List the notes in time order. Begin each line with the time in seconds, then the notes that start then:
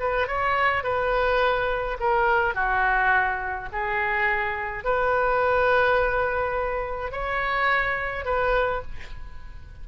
0.00 B4
0.28 C#5
0.83 B4
2.00 A#4
2.55 F#4
3.72 G#4
4.84 B4
7.12 C#5
8.25 B4